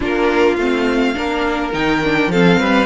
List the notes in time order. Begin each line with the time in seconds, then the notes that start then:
0.00 A#3 D4 F4 A#4
0.56 A3 C4 F5
1.14 A#3 D4 A#4
1.72 D#3 D#4 G5
2.03 D4
2.27 F3 C4 A4 F5
2.59 G3 B4